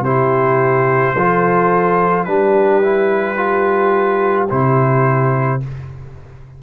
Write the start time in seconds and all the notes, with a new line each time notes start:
0.00 C3 E4 G4 C5
1.16 F3 F4 A4
2.24 G3 D4 G4 B4
2.83 E4
3.37 F4
4.49 C3 E4 C5